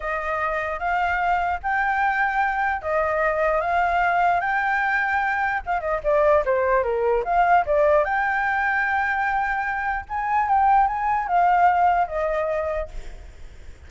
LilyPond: \new Staff \with { instrumentName = "flute" } { \time 4/4 \tempo 4 = 149 dis''2 f''2 | g''2. dis''4~ | dis''4 f''2 g''4~ | g''2 f''8 dis''8 d''4 |
c''4 ais'4 f''4 d''4 | g''1~ | g''4 gis''4 g''4 gis''4 | f''2 dis''2 | }